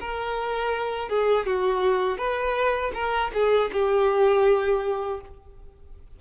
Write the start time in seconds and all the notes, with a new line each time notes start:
0.00 A#4
1.09 G#4
1.46 F#4
2.18 B4
2.94 A#4
3.33 G#4
3.72 G4